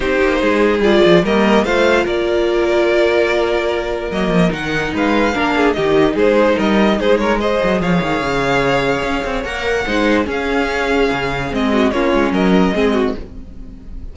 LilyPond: <<
  \new Staff \with { instrumentName = "violin" } { \time 4/4 \tempo 4 = 146 c''2 d''4 dis''4 | f''4 d''2.~ | d''2 dis''4 fis''4 | f''2 dis''4 c''4 |
dis''4 c''8 cis''8 dis''4 f''4~ | f''2. fis''4~ | fis''4 f''2. | dis''4 cis''4 dis''2 | }
  \new Staff \with { instrumentName = "violin" } { \time 4/4 g'4 gis'2 ais'4 | c''4 ais'2.~ | ais'1 | b'4 ais'8 gis'8 g'4 gis'4 |
ais'4 gis'8 ais'8 c''4 cis''4~ | cis''1 | c''4 gis'2.~ | gis'8 fis'8 f'4 ais'4 gis'8 fis'8 | }
  \new Staff \with { instrumentName = "viola" } { \time 4/4 dis'2 f'4 ais4 | f'1~ | f'2 ais4 dis'4~ | dis'4 d'4 dis'2~ |
dis'2 gis'2~ | gis'2. ais'4 | dis'4 cis'2. | c'4 cis'2 c'4 | }
  \new Staff \with { instrumentName = "cello" } { \time 4/4 c'8 ais8 gis4 g8 f8 g4 | a4 ais2.~ | ais2 fis8 f8 dis4 | gis4 ais4 dis4 gis4 |
g4 gis4. fis8 f8 dis8 | cis2 cis'8 c'8 ais4 | gis4 cis'2 cis4 | gis4 ais8 gis8 fis4 gis4 | }
>>